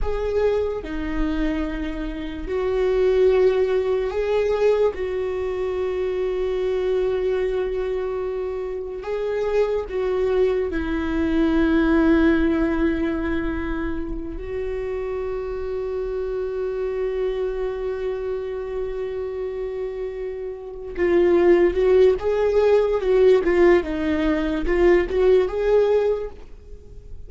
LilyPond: \new Staff \with { instrumentName = "viola" } { \time 4/4 \tempo 4 = 73 gis'4 dis'2 fis'4~ | fis'4 gis'4 fis'2~ | fis'2. gis'4 | fis'4 e'2.~ |
e'4. fis'2~ fis'8~ | fis'1~ | fis'4. f'4 fis'8 gis'4 | fis'8 f'8 dis'4 f'8 fis'8 gis'4 | }